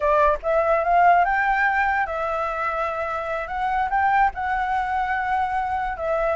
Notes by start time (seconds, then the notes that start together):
0.00 D5
0.42 E5
0.83 F5
1.24 G5
2.06 E5
3.47 F#5
3.89 G5
4.34 F#5
5.97 E5